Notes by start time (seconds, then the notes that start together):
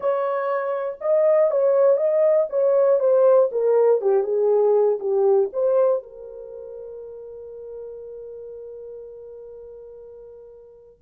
0.00 C#5
1.00 D#5
1.50 C#5
1.96 D#5
2.49 C#5
2.99 C5
3.51 A#4
4.01 G4
4.23 G#4
4.99 G4
5.52 C5
6.02 A#4